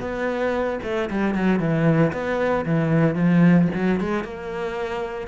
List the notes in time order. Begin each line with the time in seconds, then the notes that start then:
0.00 B3
0.83 A3
1.10 G3
1.34 F#3
1.59 E3
2.12 B3
2.65 E3
3.15 F3
3.74 F#3
4.00 G#3
4.24 A#3